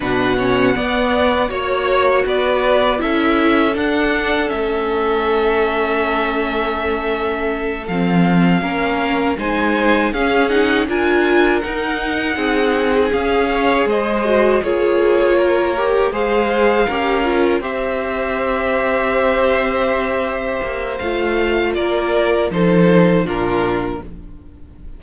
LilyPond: <<
  \new Staff \with { instrumentName = "violin" } { \time 4/4 \tempo 4 = 80 fis''2 cis''4 d''4 | e''4 fis''4 e''2~ | e''2~ e''8 f''4.~ | f''8 gis''4 f''8 fis''8 gis''4 fis''8~ |
fis''4. f''4 dis''4 cis''8~ | cis''4. f''2 e''8~ | e''1 | f''4 d''4 c''4 ais'4 | }
  \new Staff \with { instrumentName = "violin" } { \time 4/4 b'8 cis''8 d''4 cis''4 b'4 | a'1~ | a'2.~ a'8 ais'8~ | ais'8 c''4 gis'4 ais'4.~ |
ais'8 gis'4. cis''8 c''4 gis'8~ | gis'8 ais'4 c''4 ais'4 c''8~ | c''1~ | c''4 ais'4 a'4 f'4 | }
  \new Staff \with { instrumentName = "viola" } { \time 4/4 d'8 cis'8 b4 fis'2 | e'4 d'4 cis'2~ | cis'2~ cis'8 c'4 cis'8~ | cis'8 dis'4 cis'8 dis'8 f'4 dis'8~ |
dis'4. gis'4. fis'8 f'8~ | f'4 g'8 gis'4 g'8 f'8 g'8~ | g'1 | f'2 dis'4 d'4 | }
  \new Staff \with { instrumentName = "cello" } { \time 4/4 b,4 b4 ais4 b4 | cis'4 d'4 a2~ | a2~ a8 f4 ais8~ | ais8 gis4 cis'4 d'4 dis'8~ |
dis'8 c'4 cis'4 gis4 ais8~ | ais4. gis4 cis'4 c'8~ | c'2.~ c'8 ais8 | a4 ais4 f4 ais,4 | }
>>